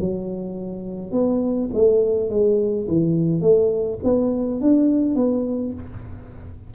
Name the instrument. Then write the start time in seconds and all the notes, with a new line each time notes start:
tuba
0.00 F#3
1.12 B3
1.74 A3
2.30 G#3
2.88 E3
3.41 A3
4.04 B3
4.61 D4
5.16 B3